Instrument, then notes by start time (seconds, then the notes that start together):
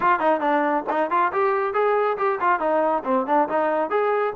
trombone
0.00 F4
0.19 D#4
0.40 D4
0.89 D#4
1.10 F4
1.32 G4
1.73 G#4
2.17 G4
2.40 F4
2.59 D#4
3.04 C4
3.26 D4
3.49 D#4
3.90 G#4